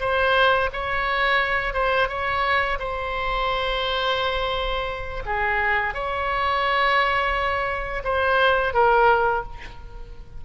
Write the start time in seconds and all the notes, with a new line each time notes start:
0.00 C5
0.73 C#5
1.74 C5
2.09 C#5
2.79 C5
5.26 G#4
5.94 C#5
8.04 C5
8.74 A#4